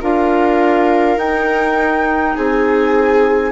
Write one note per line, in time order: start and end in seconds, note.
0.00 1.16 D4
0.00 1.18 F4
0.00 2.35 A#4
0.00 1.18 F5
1.16 2.34 D#4
1.16 3.52 D#4
1.16 2.36 G5
2.35 3.52 C4
2.35 3.52 G#4
2.35 3.52 G#5